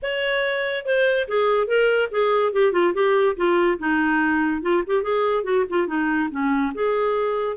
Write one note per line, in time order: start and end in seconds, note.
0.02 0.85 C#5
0.85 1.27 C5
1.28 1.67 G#4
1.67 2.09 A#4
2.11 2.53 G#4
2.53 2.72 G4
2.72 2.93 F4
2.94 3.36 G4
3.36 3.78 F4
3.79 4.62 D#4
4.62 4.83 F4
4.87 5.03 G4
5.03 5.43 G#4
5.43 5.64 F#4
5.69 5.87 F4
5.87 6.29 D#4
6.31 6.72 C#4
6.74 7.56 G#4